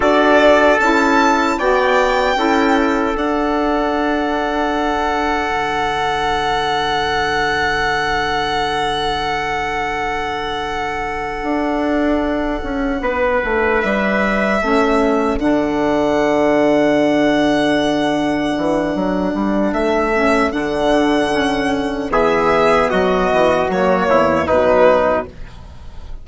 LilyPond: <<
  \new Staff \with { instrumentName = "violin" } { \time 4/4 \tempo 4 = 76 d''4 a''4 g''2 | fis''1~ | fis''1~ | fis''1~ |
fis''4. e''2 fis''8~ | fis''1~ | fis''4 e''4 fis''2 | e''4 dis''4 cis''4 b'4 | }
  \new Staff \with { instrumentName = "trumpet" } { \time 4/4 a'2 d''4 a'4~ | a'1~ | a'1~ | a'1~ |
a'8 b'2 a'4.~ | a'1~ | a'1 | gis'4 fis'4. e'8 dis'4 | }
  \new Staff \with { instrumentName = "saxophone" } { \time 4/4 fis'4 e'4 fis'4 e'4 | d'1~ | d'1~ | d'1~ |
d'2~ d'8 cis'4 d'8~ | d'1~ | d'4. cis'8 d'4 cis'4 | b2 ais4 fis4 | }
  \new Staff \with { instrumentName = "bassoon" } { \time 4/4 d'4 cis'4 b4 cis'4 | d'2. d4~ | d1~ | d2~ d8 d'4. |
cis'8 b8 a8 g4 a4 d8~ | d2.~ d8 e8 | fis8 g8 a4 d2 | e4 fis8 e8 fis8 e,8 b,4 | }
>>